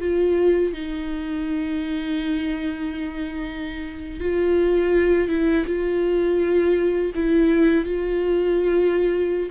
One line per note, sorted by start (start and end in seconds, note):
0.00 0.73 F4
0.73 4.20 D#4
4.20 5.28 F4
5.28 5.65 E4
5.66 7.12 F4
7.15 7.85 E4
7.85 9.49 F4